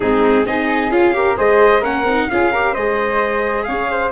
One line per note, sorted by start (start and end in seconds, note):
0.00 0.46 G#3
0.00 0.45 C4
0.00 0.44 D#4
0.00 0.46 G#4
0.45 0.89 C4
0.45 0.90 D#4
0.45 1.15 G#4
0.45 0.91 D#5
0.89 1.35 C#4
0.89 1.13 F4
0.89 1.37 F5
1.13 1.36 G4
1.13 1.37 A#4
1.36 1.81 G#3
1.36 1.82 G#4
1.36 1.80 C5
1.36 1.84 D#5
1.80 2.04 A#3
1.80 2.05 C#4
1.80 2.26 A#4
1.80 2.30 F#5
2.04 2.27 C4
2.04 2.31 D#4
2.30 2.76 C#4
2.30 2.53 F4
2.30 2.51 G#4
2.30 2.74 F5
2.51 2.76 G4
2.51 2.72 A#4
2.72 3.67 G#3
2.72 4.12 G#4
2.72 3.64 C5
2.72 3.63 D#5
3.63 4.12 C#4
3.63 3.90 C#5
3.63 4.09 F5
3.90 4.12 C5